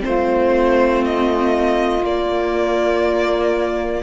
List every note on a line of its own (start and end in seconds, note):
0.00 2.02 A3
0.00 2.00 C4
0.00 4.03 F4
0.00 1.04 C5
1.05 2.05 D#5
2.02 4.02 A#3
2.02 4.03 A#3
2.02 4.03 D5